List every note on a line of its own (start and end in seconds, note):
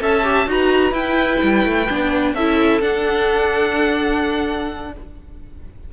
0.00 0.46 C#4
0.00 0.23 A4
0.00 0.48 E5
0.00 0.49 A5
0.23 0.46 G4
0.46 0.91 D#4
0.46 0.91 F#4
0.46 2.33 B4
0.46 0.93 A#5
0.91 1.38 E4
0.91 1.85 E4
0.91 2.34 G5
1.42 1.65 G3
1.65 1.88 A3
1.88 2.34 B3
1.88 2.35 D4
2.33 2.81 C#4
2.33 2.81 E4
2.33 4.91 A4
2.33 2.81 E5
2.81 4.92 D4
2.81 4.92 F#5